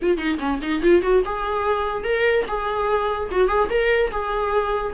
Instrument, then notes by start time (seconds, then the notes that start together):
viola
0.01 F4
0.17 D#4
0.39 C#4
0.61 D#4
0.82 F4
1.02 F#4
1.25 G#4
2.04 A#4
2.47 G#4
3.31 F#4
3.48 G#4
3.69 A#4
4.11 G#4